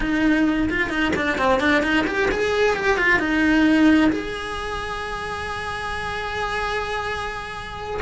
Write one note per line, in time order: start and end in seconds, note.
0.00 0.69 D#4
0.69 0.89 F4
0.89 1.12 D#4
1.16 1.38 D4
1.38 1.59 C4
1.59 1.82 D4
1.82 2.05 D#4
2.06 2.29 G4
2.31 2.76 G#4
2.76 2.97 G4
2.97 3.19 F4
3.19 4.10 D#4
4.11 8.00 G#4